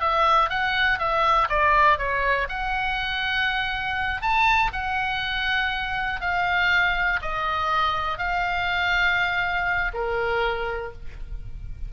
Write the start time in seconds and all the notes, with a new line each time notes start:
0.00 E5
0.49 F#5
0.98 E5
1.49 D5
1.98 C#5
2.48 F#5
4.21 A5
4.73 F#5
6.21 F5
7.21 D#5
8.18 F5
9.93 A#4